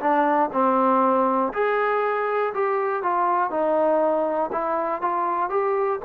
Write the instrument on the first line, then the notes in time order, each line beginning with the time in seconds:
trombone
0.00 D4
0.53 C4
1.53 G#4
2.54 G4
3.03 F4
3.50 D#4
4.52 E4
5.01 F4
5.50 G4